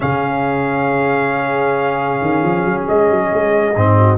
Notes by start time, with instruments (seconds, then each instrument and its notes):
0.00 tuba C#3, trombone C#4, horn G#4, trumpet F5
2.21 tuba D#3
2.42 tuba F3
2.64 tuba F#3
2.88 tuba G#3, trumpet D#5
3.09 tuba F#3
3.33 tuba G#3
3.76 tuba G#2, trombone C4
3.99 horn F#4